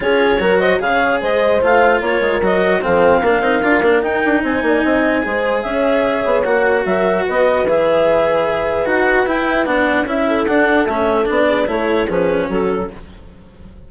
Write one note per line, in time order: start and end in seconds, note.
0.00 0.39 C#4
0.00 0.38 F4
0.00 0.41 G#4
0.00 0.60 C#5
0.39 0.79 F#3
0.39 0.79 F#4
0.39 0.60 A#4
0.60 0.80 C5
0.60 0.80 D#5
0.79 1.20 C#3
0.79 1.60 G#4
0.79 1.20 C#5
0.79 1.20 F5
1.20 1.61 G#3
1.20 2.00 C5
1.20 1.63 D#5
1.61 2.01 A3
1.61 2.41 F4
1.61 2.02 F5
2.00 2.20 A#3
2.00 2.81 A#4
2.00 2.42 C#5
2.20 2.41 G#3
2.41 2.81 F#3
2.41 2.81 F#4
2.41 2.83 D#5
2.81 3.21 F3
2.81 3.21 C4
2.81 3.22 A4
2.81 4.02 F5
3.21 3.40 A#3
3.21 3.42 D4
3.21 4.43 A#4
3.40 3.60 C4
3.40 3.62 D#4
3.62 3.82 D4
3.62 3.82 F4
3.82 4.02 A#3
3.82 4.02 D4
4.02 5.22 D#4
4.02 4.22 D#4
4.02 4.42 G5
4.25 4.43 D4
4.43 4.62 C4
4.43 4.63 C5
4.43 5.62 G#5
4.62 4.82 A#3
4.62 4.83 D5
4.83 5.24 C4
4.83 5.23 D#5
5.22 5.64 G#3
5.22 6.43 G#4
5.22 5.64 C5
5.62 6.24 C#4
5.62 6.85 C#5
5.62 6.43 E5
6.25 6.45 B3
6.43 6.85 A#3
6.43 7.65 F#4
6.43 6.83 F#5
6.85 7.25 F#3
6.85 7.25 A#4
6.85 7.25 E5
7.25 7.64 B3
7.25 10.27 B4
7.25 7.68 D#5
7.64 8.85 E3
7.64 8.85 G#4
7.64 8.88 E5
8.85 9.26 D#4
8.85 9.25 F#4
8.85 9.27 F#5
9.26 9.65 E4
9.26 9.66 E4
9.26 9.66 G5
9.65 10.04 B3
9.65 10.06 D4
9.65 10.06 F#5
10.04 10.44 C#4
10.04 10.46 E4
10.04 10.46 E5
10.27 11.47 A4
10.46 10.88 D4
10.46 10.86 D4
10.46 10.86 F#5
10.86 11.26 A3
10.86 11.25 C#4
10.86 11.26 E5
11.25 11.67 B3
11.25 11.65 D4
11.25 11.68 D5
11.47 11.67 G#4
11.66 12.07 A3
11.66 12.07 E4
11.66 12.07 A4
11.66 12.08 C#5
12.07 12.49 F3
12.07 12.90 C#4
12.07 12.47 G#4
12.07 12.49 B4
12.47 12.89 F#3
12.47 12.87 F#4
12.47 12.90 A4